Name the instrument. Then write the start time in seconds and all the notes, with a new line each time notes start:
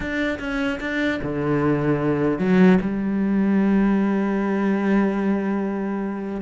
cello
0.00 D4
0.39 C#4
0.79 D4
1.22 D3
2.39 F#3
2.81 G3